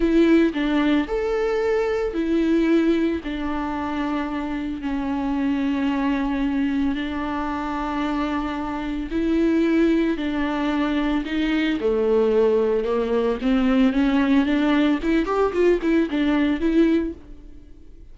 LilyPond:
\new Staff \with { instrumentName = "viola" } { \time 4/4 \tempo 4 = 112 e'4 d'4 a'2 | e'2 d'2~ | d'4 cis'2.~ | cis'4 d'2.~ |
d'4 e'2 d'4~ | d'4 dis'4 a2 | ais4 c'4 cis'4 d'4 | e'8 g'8 f'8 e'8 d'4 e'4 | }